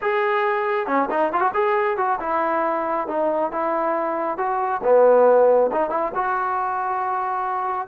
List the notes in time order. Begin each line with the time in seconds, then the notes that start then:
0.01 G#4
0.87 C#4
1.10 D#4
1.32 F4
1.40 F#4
1.53 G#4
1.97 F#4
2.20 E4
3.07 D#4
3.51 E4
4.37 F#4
4.83 B3
5.72 D#4
5.90 E4
6.14 F#4